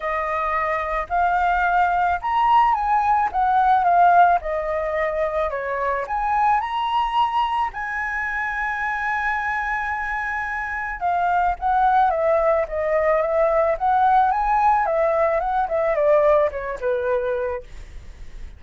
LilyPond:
\new Staff \with { instrumentName = "flute" } { \time 4/4 \tempo 4 = 109 dis''2 f''2 | ais''4 gis''4 fis''4 f''4 | dis''2 cis''4 gis''4 | ais''2 gis''2~ |
gis''1 | f''4 fis''4 e''4 dis''4 | e''4 fis''4 gis''4 e''4 | fis''8 e''8 d''4 cis''8 b'4. | }